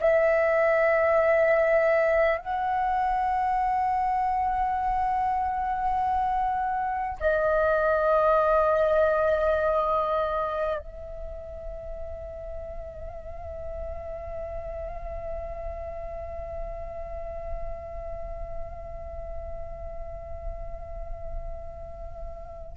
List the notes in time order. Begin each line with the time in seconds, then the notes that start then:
0.00 E5
2.38 F#5
7.20 D#5
10.78 E5